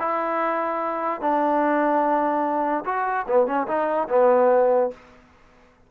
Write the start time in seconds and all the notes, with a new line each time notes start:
0.00 E4
1.21 D4
2.86 F#4
3.28 B3
3.47 C#4
3.68 D#4
4.09 B3